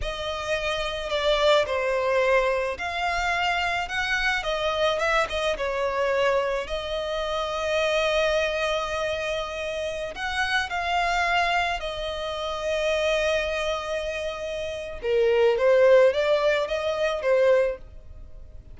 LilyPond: \new Staff \with { instrumentName = "violin" } { \time 4/4 \tempo 4 = 108 dis''2 d''4 c''4~ | c''4 f''2 fis''4 | dis''4 e''8 dis''8 cis''2 | dis''1~ |
dis''2~ dis''16 fis''4 f''8.~ | f''4~ f''16 dis''2~ dis''8.~ | dis''2. ais'4 | c''4 d''4 dis''4 c''4 | }